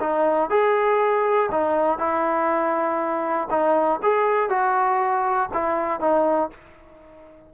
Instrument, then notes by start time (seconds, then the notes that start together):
trombone
0.00 D#4
0.50 G#4
1.51 D#4
1.99 E4
3.50 D#4
4.03 G#4
4.49 F#4
5.54 E4
6.00 D#4